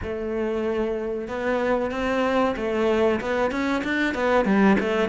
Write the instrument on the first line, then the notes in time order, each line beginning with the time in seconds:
cello
0.02 A3
1.28 B3
1.91 C4
2.56 A3
3.20 B3
3.51 C#4
3.84 D4
4.14 B3
4.45 G3
4.79 A3